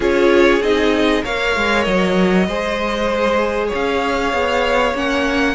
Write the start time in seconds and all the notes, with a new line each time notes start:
0.00 C#4 F4 G#4 C#5
0.61 C4 D#4 D#5
1.23 A#3 A#4 C#5 F5
1.56 G#3
1.84 F#3 D#5
2.47 G#3 G#4 C5
3.67 C#5
3.74 C#4 F5
4.33 B3
4.93 A#3 C#4 F#5